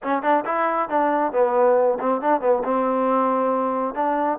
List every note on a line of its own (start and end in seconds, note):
0.03 0.22 C#4
0.22 0.44 D4
0.45 0.89 E4
0.89 1.32 D4
1.32 1.98 B3
2.00 2.21 C4
2.21 2.40 D4
2.40 2.62 B3
2.63 3.94 C4
3.94 4.38 D4